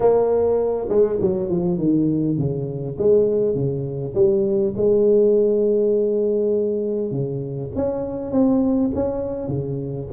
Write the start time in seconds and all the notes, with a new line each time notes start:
0.00 A#3
0.89 G#3
1.21 F#3
1.49 F3
1.78 D#3
2.37 C#3
2.98 G#3
3.54 C#3
4.14 G3
4.76 G#3
7.11 C#3
7.75 C#4
8.31 C4
8.94 C#4
9.48 C#3